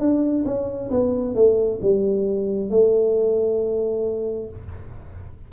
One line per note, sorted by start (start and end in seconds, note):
0.00 0.45 D4
0.45 0.90 C#4
0.90 1.35 B3
1.35 1.80 A3
1.82 2.70 G3
2.70 4.49 A3